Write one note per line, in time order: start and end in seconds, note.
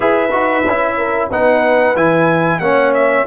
0.00 0.31 E4
0.00 0.28 G#4
0.00 0.96 B4
0.00 1.29 E5
0.31 0.64 D#4
0.31 0.63 F#4
0.64 1.29 C#4
0.64 1.31 E4
0.96 1.29 A#4
1.30 1.95 B3
1.30 1.95 D#4
1.30 2.60 B4
1.30 1.96 F#5
1.95 2.59 E3
1.95 2.60 E4
1.95 2.59 G#5
2.59 3.24 A#3
2.59 3.26 C#4
2.59 3.27 C#5
2.59 2.92 F#5
2.93 3.26 E5